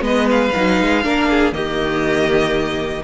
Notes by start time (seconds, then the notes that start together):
0.00 G#3 B3 B4 D#5
0.30 F5
0.55 F#3 D#4
0.80 G#3
1.03 A#3 D4 A#4
1.29 G#4
1.52 D#3 A#3 G4 D#5